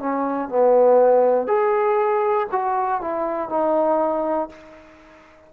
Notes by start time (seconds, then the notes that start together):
0.00 C#4
0.49 B3
1.48 G#4
2.52 F#4
3.01 E4
3.50 D#4